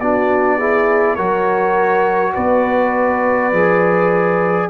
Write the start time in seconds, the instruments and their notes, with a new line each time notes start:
0.00 tuba B3, trombone D4, horn F#4, trumpet D5
0.58 trombone E4, horn G#4
1.15 tuba F#3, trombone F#4, horn A#4, trumpet C#5
2.34 tuba B3, horn B4, trumpet D5
3.52 tuba F3, trombone G#4